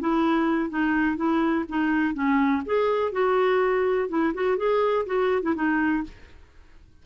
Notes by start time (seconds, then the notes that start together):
0.00 E4
0.70 D#4
1.17 E4
1.69 D#4
2.14 C#4
2.66 G#4
3.12 F#4
4.09 E4
4.34 F#4
4.57 G#4
5.06 F#4
5.42 E4
5.55 D#4